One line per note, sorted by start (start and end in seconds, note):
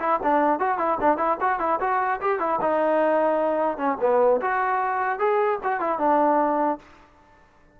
0.00 0.20 E4
0.23 0.60 D4
0.60 0.79 F#4
0.79 0.99 E4
1.01 1.18 D4
1.18 1.38 E4
1.41 1.60 F#4
1.60 1.80 E4
1.81 2.21 F#4
2.21 2.40 G4
2.40 2.60 E4
2.61 3.78 D#4
3.78 3.98 C#4
4.01 4.41 B3
4.42 5.19 F#4
5.19 5.59 G#4
5.63 5.81 F#4
5.81 5.99 E4
5.99 6.79 D4